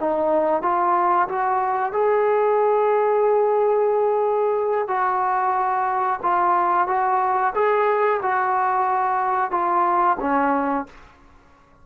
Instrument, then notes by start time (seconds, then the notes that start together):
trombone
0.00 D#4
0.62 F4
1.29 F#4
1.92 G#4
4.88 F#4
6.22 F4
6.87 F#4
7.55 G#4
8.22 F#4
9.51 F4
10.20 C#4